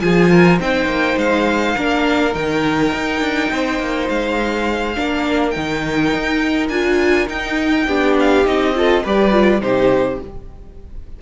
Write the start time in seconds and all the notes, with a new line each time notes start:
0.00 F3 F4 G#4 G#5
0.31 A#4
0.59 C4 D#4 C5 G5
0.86 A#3
1.17 G#3 F5
1.76 A#3 D4 A#4
2.32 D#3 D#4 G5
2.94 D#4
3.20 D4
3.51 C4 C5
3.79 A#3
4.09 G#3 F5
4.95 A#3 D4 A#4
5.50 D#3 D#4 G5
6.14 D#4
6.69 D4 F4 G#5
7.27 D#4 G5
7.86 B3 D4 G4
8.20 F5
8.45 C4 D#4 D#5
8.75 F4 A4
9.03 G3 G4 B4 D5
9.32 F4
9.60 C3 D#4 G4 C5